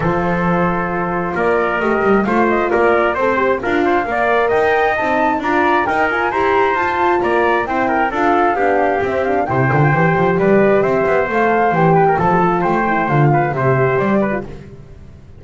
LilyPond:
<<
  \new Staff \with { instrumentName = "flute" } { \time 4/4 \tempo 4 = 133 c''2. d''4 | dis''4 f''8 dis''8 d''4 c''4 | f''2 g''4 a''4 | ais''4 g''8 gis''8 ais''4 a''4 |
ais''4 g''4 f''2 | e''8 f''8 g''2 d''4 | e''4 f''4 g''4 a''4 | g''4 f''4 e''4 d''4 | }
  \new Staff \with { instrumentName = "trumpet" } { \time 4/4 a'2. ais'4~ | ais'4 c''4 ais'4 c''4 | ais'8 c''8 d''4 dis''2 | d''4 ais'4 c''2 |
d''4 c''8 ais'8 a'4 g'4~ | g'4 c''2 b'4 | c''2~ c''8 b'16 ais'16 a'4 | c''4. b'8 c''4. b'8 | }
  \new Staff \with { instrumentName = "horn" } { \time 4/4 f'1 | g'4 f'2 a'8 g'8 | f'4 ais'2 dis'4 | f'4 dis'8 f'8 g'4 f'4~ |
f'4 e'4 f'4 d'4 | c'8 d'8 e'8 f'8 g'2~ | g'4 a'4 g'4 f'16 g'16 f'8~ | f'8 e'8 f'4 g'4.~ g'16 f'16 | }
  \new Staff \with { instrumentName = "double bass" } { \time 4/4 f2. ais4 | a8 g8 a4 ais4 c'4 | d'4 ais4 dis'4 c'4 | d'4 dis'4 e'4 f'4 |
ais4 c'4 d'4 b4 | c'4 c8 d8 e8 f8 g4 | c'8 b8 a4 e4 f4 | a4 d4 c4 g4 | }
>>